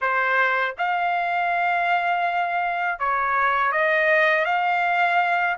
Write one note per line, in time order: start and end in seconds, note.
0.01 0.75 C5
0.78 2.99 F5
2.99 3.72 C#5
3.72 4.45 D#5
4.45 5.56 F5